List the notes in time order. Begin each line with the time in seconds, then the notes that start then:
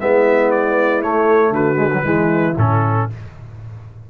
0.00 G#3 B3 E4 E5
0.51 D5
1.02 A3 C#5
1.50 D3 F#4 B4
1.75 G#3
1.93 F#3
2.03 E3 G#3 E4
2.57 A2 C#4 A4